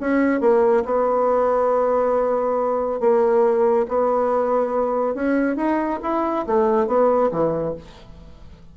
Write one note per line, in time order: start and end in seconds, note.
0.00 0.40 C#4
0.40 0.84 A#3
0.85 3.00 B3
3.00 3.86 A#3
3.88 5.15 B3
5.15 5.56 C#4
5.56 5.99 D#4
6.03 6.46 E4
6.46 6.87 A3
6.87 7.30 B3
7.31 7.75 E3